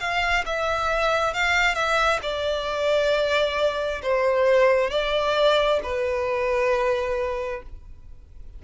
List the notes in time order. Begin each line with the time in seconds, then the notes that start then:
0.00 F5
0.46 E5
1.34 F5
1.75 E5
2.23 D5
4.03 C5
4.91 D5
5.84 B4